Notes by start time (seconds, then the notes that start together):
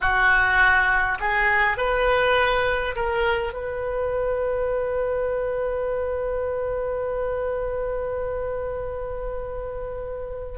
0.00 F#4
1.20 G#4
1.77 B4
2.95 A#4
3.53 B4